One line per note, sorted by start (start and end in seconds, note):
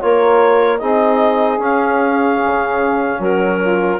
0.00 0.81 A#3
0.00 0.79 F4
0.00 0.78 A#4
0.00 0.78 C#5
0.78 1.58 C4
0.78 1.59 D#4
0.78 3.17 G#4
0.78 1.58 D#5
1.58 2.38 C#4
1.58 3.99 C#4
1.58 3.21 F5
2.45 3.19 C#3
3.17 3.99 F#3
3.17 3.57 F#4
3.17 3.99 A#4
3.60 3.99 F4